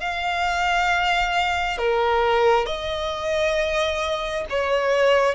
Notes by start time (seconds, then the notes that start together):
0.00 F5
1.78 A#4
2.66 D#5
4.50 C#5